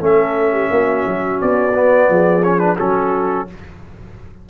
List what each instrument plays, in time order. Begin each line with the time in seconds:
0.00 tuba A3, trombone C#4, horn A4, trumpet E5
0.53 horn G4
0.70 tuba A#3, horn F#4
1.07 tuba F#3
1.41 tuba B3, trumpet D5
1.74 trombone B3
2.09 tuba F3, horn G#4
2.43 trombone C#4, trumpet C#5
2.59 trombone D4, trumpet B4
2.78 tuba F#3, trombone C#4, horn F#4, trumpet A4